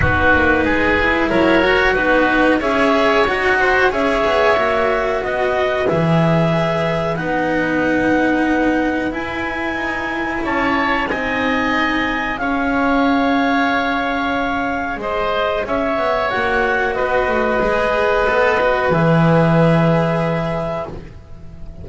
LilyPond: <<
  \new Staff \with { instrumentName = "clarinet" } { \time 4/4 \tempo 4 = 92 b'2 cis''4 b'4 | e''4 fis''4 e''2 | dis''4 e''2 fis''4~ | fis''2 gis''2 |
a''4 gis''2 f''4~ | f''2. dis''4 | e''4 fis''4 dis''2~ | dis''4 e''2. | }
  \new Staff \with { instrumentName = "oboe" } { \time 4/4 fis'4 gis'4 ais'4 fis'4 | cis''4. c''8 cis''2 | b'1~ | b'1 |
cis''4 dis''2 cis''4~ | cis''2. c''4 | cis''2 b'2~ | b'1 | }
  \new Staff \with { instrumentName = "cello" } { \time 4/4 dis'4. e'4 fis'8 dis'4 | gis'4 fis'4 gis'4 fis'4~ | fis'4 gis'2 dis'4~ | dis'2 e'2~ |
e'4 dis'2 gis'4~ | gis'1~ | gis'4 fis'2 gis'4 | a'8 fis'8 gis'2. | }
  \new Staff \with { instrumentName = "double bass" } { \time 4/4 b8 ais8 gis4 fis4 b4 | cis'4 dis'4 cis'8 b8 ais4 | b4 e2 b4~ | b2 e'4 dis'4 |
cis'4 c'2 cis'4~ | cis'2. gis4 | cis'8 b8 ais4 b8 a8 gis4 | b4 e2. | }
>>